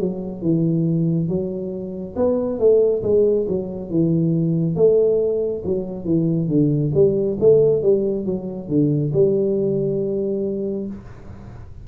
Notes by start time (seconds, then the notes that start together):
0.00 F#3
0.42 E3
1.29 F#3
2.16 B3
2.59 A3
3.03 G#3
3.48 F#3
3.90 E3
4.76 A3
5.65 F#3
6.05 E3
6.49 D3
6.94 G3
7.40 A3
7.83 G3
8.26 F#3
8.69 D3
9.13 G3